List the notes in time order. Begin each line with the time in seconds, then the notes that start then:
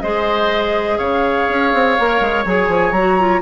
0.00 G#3 G#4 C5 D#5
0.98 C#3 C#5 F5
1.48 C#4
1.73 C4
1.99 A#3 A#4
2.20 G#3
2.45 F#3 G#4 G#5
2.67 F3
2.91 F#3 A#5
2.97 F#4
3.18 F4